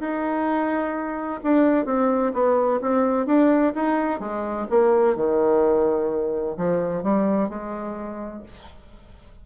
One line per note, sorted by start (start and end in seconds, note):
0.00 1.41 D#4
1.44 1.86 D4
1.86 2.33 C4
2.34 2.80 B3
2.82 3.27 C4
3.27 3.74 D4
3.75 4.20 D#4
4.20 4.67 G#3
4.70 5.16 A#3
5.16 6.57 D#3
6.58 7.03 F3
7.03 7.49 G3
7.49 8.43 G#3